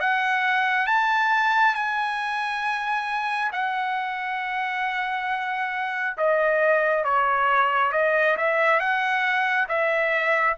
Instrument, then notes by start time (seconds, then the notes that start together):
trumpet
0.00 F#5
0.87 A5
1.74 G#5
3.52 F#5
6.17 D#5
7.04 C#5
7.92 D#5
8.37 E5
8.80 F#5
9.68 E5